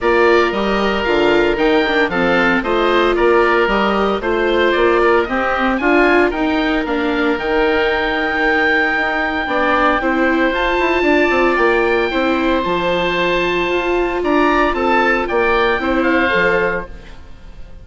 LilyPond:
<<
  \new Staff \with { instrumentName = "oboe" } { \time 4/4 \tempo 4 = 114 d''4 dis''4 f''4 g''4 | f''4 dis''4 d''4 dis''4 | c''4 d''4 dis''4 gis''4 | g''4 f''4 g''2~ |
g''1 | a''2 g''2 | a''2. ais''4 | a''4 g''4. f''4. | }
  \new Staff \with { instrumentName = "oboe" } { \time 4/4 ais'1 | a'4 c''4 ais'2 | c''4. ais'8 g'4 f'4 | ais'1~ |
ais'2 d''4 c''4~ | c''4 d''2 c''4~ | c''2. d''4 | a'4 d''4 c''2 | }
  \new Staff \with { instrumentName = "viola" } { \time 4/4 f'4 g'4 f'4 dis'8 d'8 | c'4 f'2 g'4 | f'2 c'4 f'4 | dis'4 d'4 dis'2~ |
dis'2 d'4 e'4 | f'2. e'4 | f'1~ | f'2 e'4 a'4 | }
  \new Staff \with { instrumentName = "bassoon" } { \time 4/4 ais4 g4 d4 dis4 | f4 a4 ais4 g4 | a4 ais4 c'4 d'4 | dis'4 ais4 dis2~ |
dis4 dis'4 b4 c'4 | f'8 e'8 d'8 c'8 ais4 c'4 | f2 f'4 d'4 | c'4 ais4 c'4 f4 | }
>>